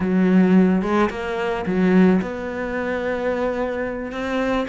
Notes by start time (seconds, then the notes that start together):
0.00 F#3
0.82 G#3
1.10 A#3
1.65 F#3
2.21 B3
4.11 C4